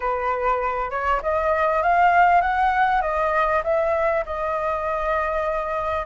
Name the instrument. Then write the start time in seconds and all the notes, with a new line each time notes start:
flute
0.00 B4
0.90 C#5
1.22 D#5
1.82 F5
2.41 F#5
3.01 D#5
3.63 E5
4.25 D#5